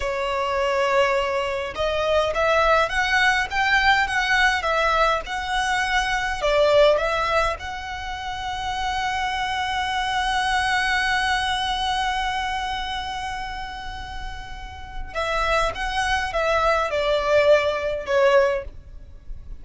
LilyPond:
\new Staff \with { instrumentName = "violin" } { \time 4/4 \tempo 4 = 103 cis''2. dis''4 | e''4 fis''4 g''4 fis''4 | e''4 fis''2 d''4 | e''4 fis''2.~ |
fis''1~ | fis''1~ | fis''2 e''4 fis''4 | e''4 d''2 cis''4 | }